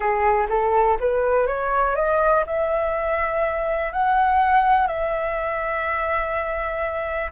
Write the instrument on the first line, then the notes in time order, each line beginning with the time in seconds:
flute
0.00 G#4
0.49 A4
1.00 B4
1.46 C#5
1.95 D#5
2.46 E5
3.92 F#5
4.87 E5